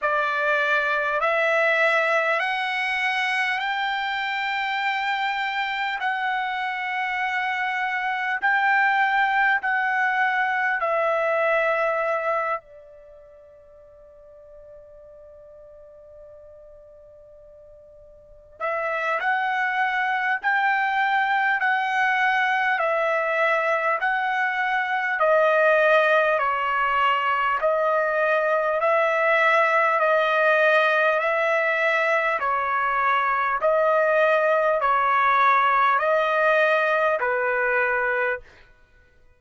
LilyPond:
\new Staff \with { instrumentName = "trumpet" } { \time 4/4 \tempo 4 = 50 d''4 e''4 fis''4 g''4~ | g''4 fis''2 g''4 | fis''4 e''4. d''4.~ | d''2.~ d''8 e''8 |
fis''4 g''4 fis''4 e''4 | fis''4 dis''4 cis''4 dis''4 | e''4 dis''4 e''4 cis''4 | dis''4 cis''4 dis''4 b'4 | }